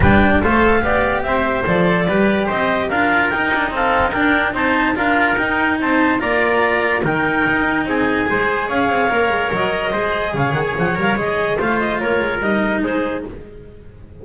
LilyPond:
<<
  \new Staff \with { instrumentName = "clarinet" } { \time 4/4 \tempo 4 = 145 g''4 f''2 e''4 | d''2 dis''4 f''4 | g''4 f''4 g''4 a''4 | f''4 g''4 a''4 ais''4~ |
ais''4 g''2 gis''4~ | gis''4 f''2 dis''4~ | dis''4 f''8 fis''16 gis''16 fis''8 f''8 dis''4 | f''8 dis''8 cis''4 dis''4 c''4 | }
  \new Staff \with { instrumentName = "trumpet" } { \time 4/4 b'4 c''4 d''4 c''4~ | c''4 b'4 c''4 ais'4~ | ais'4 a'4 ais'4 c''4 | ais'2 c''4 d''4~ |
d''4 ais'2 gis'4 | c''4 cis''2. | c''4 cis''2. | c''4 ais'2 gis'4 | }
  \new Staff \with { instrumentName = "cello" } { \time 4/4 d'4 a'4 g'2 | a'4 g'2 f'4 | dis'8 d'8 c'4 d'4 dis'4 | f'4 dis'2 f'4~ |
f'4 dis'2. | gis'2 ais'2 | gis'2~ gis'8 ais'8 gis'4 | f'2 dis'2 | }
  \new Staff \with { instrumentName = "double bass" } { \time 4/4 g4 a4 b4 c'4 | f4 g4 c'4 d'4 | dis'2 d'4 c'4 | d'4 dis'4 c'4 ais4~ |
ais4 dis4 dis'4 c'4 | gis4 cis'8 c'8 ais8 gis8 fis4 | gis4 cis8 dis8 f8 g8 gis4 | a4 ais8 gis8 g4 gis4 | }
>>